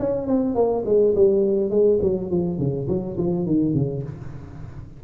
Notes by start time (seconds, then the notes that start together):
0.00 C#4
0.27 C4
0.55 A#3
0.86 G#3
1.15 G3
1.70 G#3
2.02 F#3
2.31 F3
2.59 C#3
2.88 F#3
3.18 F3
3.46 D#3
3.74 C#3